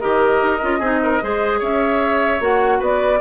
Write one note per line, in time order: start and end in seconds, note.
0.00 0.42 D#3
0.00 0.61 G4
0.00 0.79 A#4
0.00 1.60 D#5
0.42 0.62 D#4
0.62 0.80 C#4
0.62 0.82 F4
0.79 1.20 C4
0.79 1.21 D#4
0.79 0.99 G#4
1.03 1.23 A#4
1.21 1.61 G#3
1.21 2.40 G#4
1.21 1.59 C5
1.59 2.40 C#4
1.59 2.79 C#5
1.59 2.42 E5
2.40 2.80 A#3
2.40 3.20 F#4
2.40 2.83 F#5
2.79 3.20 B3
2.79 3.19 B4
2.79 3.20 D5